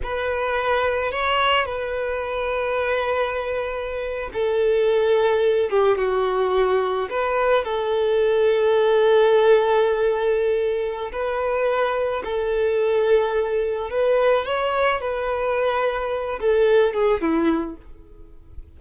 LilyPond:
\new Staff \with { instrumentName = "violin" } { \time 4/4 \tempo 4 = 108 b'2 cis''4 b'4~ | b'2.~ b'8. a'16~ | a'2~ a'16 g'8 fis'4~ fis'16~ | fis'8. b'4 a'2~ a'16~ |
a'1 | b'2 a'2~ | a'4 b'4 cis''4 b'4~ | b'4. a'4 gis'8 e'4 | }